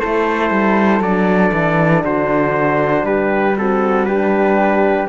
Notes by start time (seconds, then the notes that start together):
0.00 A3 E4 A4 C5
0.50 G3
1.00 F#3 D4 D5
1.53 E3
2.03 D3 F#4 C5
3.03 G3 G4 B4
3.57 C4 F#4 A4
4.05 D4 G4 B4